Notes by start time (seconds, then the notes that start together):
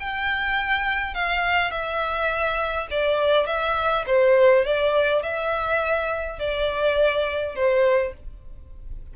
0.00 G5
1.14 F5
1.71 E5
2.91 D5
3.47 E5
4.07 C5
4.65 D5
5.23 E5
6.39 D5
7.55 C5